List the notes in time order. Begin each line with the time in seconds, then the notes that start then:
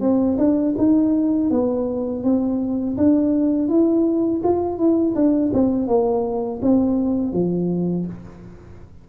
0.00 C4
0.38 D4
0.77 D#4
1.50 B3
2.23 C4
2.97 D4
3.68 E4
4.43 F4
4.78 E4
5.15 D4
5.53 C4
5.87 A#3
6.62 C4
7.33 F3